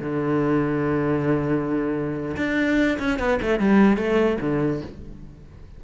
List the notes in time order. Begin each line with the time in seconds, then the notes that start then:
0.00 D3
2.37 D4
2.99 C#4
3.19 B3
3.42 A3
3.60 G3
3.97 A3
4.41 D3